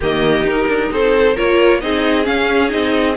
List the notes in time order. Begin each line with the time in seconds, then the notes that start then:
0.00 D#3 A#3 G4 D#5
0.43 D#4 A#4
0.67 D4
0.91 C4 A4 C5
1.35 A#3 F4 A#4 C#5
1.80 C4 D#4 G#4 D#5
2.23 C#4 F5
2.68 C4 D#4 D#5